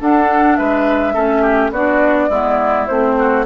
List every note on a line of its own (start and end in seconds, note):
0.00 1.15 D4
0.00 0.58 D4
0.00 0.58 A4
0.00 0.56 F#5
0.56 1.16 G#3
0.56 1.14 B4
0.56 1.71 E5
1.14 1.71 A3
1.14 1.72 C#4
1.14 1.42 A4
1.42 1.71 G4
1.71 2.29 B3
1.71 2.30 D4
1.71 2.29 F#4
1.71 2.87 D5
2.29 2.88 G#3
2.29 2.88 B3
2.29 3.16 E4
2.87 3.46 A3
2.87 3.46 C4
2.87 3.45 C5
3.19 3.46 F#4